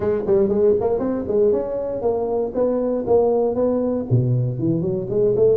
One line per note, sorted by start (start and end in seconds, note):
0.00 0.23 G#3
0.26 0.49 G3
0.49 0.74 G#3
0.80 0.99 A#3
0.99 1.24 C4
1.27 1.52 G#3
1.52 2.01 C#4
2.01 2.52 A#3
2.54 3.05 B3
3.06 3.55 A#3
3.55 4.05 B3
4.10 4.58 B2
4.58 4.81 E3
4.81 5.06 F#3
5.09 5.35 G#3
5.36 5.57 A3